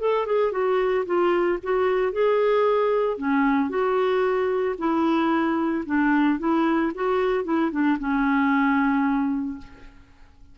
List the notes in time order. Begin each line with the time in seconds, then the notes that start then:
0.00 A4
0.27 G#4
0.52 F#4
1.06 F4
1.63 F#4
2.13 G#4
3.18 C#4
3.70 F#4
4.79 E4
5.86 D4
6.40 E4
6.95 F#4
7.45 E4
7.72 D4
8.00 C#4